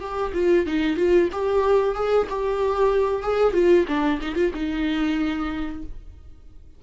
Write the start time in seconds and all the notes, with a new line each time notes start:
0.00 G4
0.33 F4
0.66 D#4
0.96 F4
1.32 G4
1.95 G#4
2.29 G4
3.22 G#4
3.53 F4
3.87 D4
4.21 D#4
4.35 F4
4.54 D#4